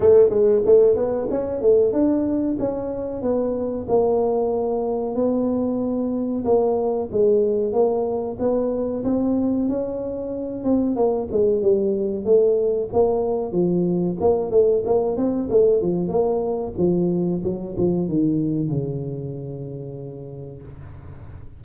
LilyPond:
\new Staff \with { instrumentName = "tuba" } { \time 4/4 \tempo 4 = 93 a8 gis8 a8 b8 cis'8 a8 d'4 | cis'4 b4 ais2 | b2 ais4 gis4 | ais4 b4 c'4 cis'4~ |
cis'8 c'8 ais8 gis8 g4 a4 | ais4 f4 ais8 a8 ais8 c'8 | a8 f8 ais4 f4 fis8 f8 | dis4 cis2. | }